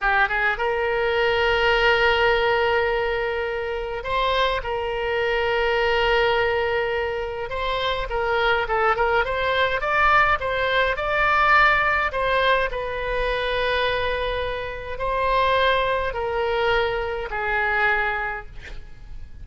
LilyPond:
\new Staff \with { instrumentName = "oboe" } { \time 4/4 \tempo 4 = 104 g'8 gis'8 ais'2.~ | ais'2. c''4 | ais'1~ | ais'4 c''4 ais'4 a'8 ais'8 |
c''4 d''4 c''4 d''4~ | d''4 c''4 b'2~ | b'2 c''2 | ais'2 gis'2 | }